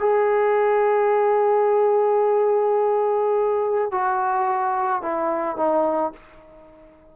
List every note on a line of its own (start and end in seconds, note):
0.00 3.92 G#4
3.92 5.02 F#4
5.02 5.57 E4
5.57 6.13 D#4